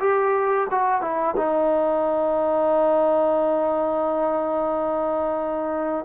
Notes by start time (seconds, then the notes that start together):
0.00 G4
0.70 F#4
1.01 E4
1.37 D#4